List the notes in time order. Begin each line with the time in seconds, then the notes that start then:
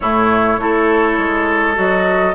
0.00 A2 A3 E4 C#5
0.58 A3 E4 A4
1.18 G#3
1.75 F#3 F#4 D#5